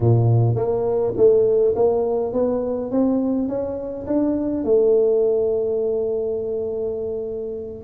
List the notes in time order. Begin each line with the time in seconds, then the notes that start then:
0.00 A#2
0.55 A#3
1.16 A3
1.75 A#3
2.32 B3
2.91 C4
3.48 C#4
4.06 D4
4.64 A3